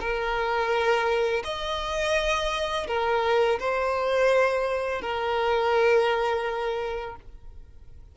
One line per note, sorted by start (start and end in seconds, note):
0.00 1.43 A#4
1.44 2.87 D#5
2.87 3.59 A#4
3.59 5.01 C5
5.01 7.16 A#4